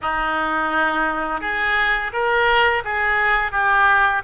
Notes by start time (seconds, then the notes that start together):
0.01 D#4
1.41 G#4
2.12 A#4
2.84 G#4
3.51 G4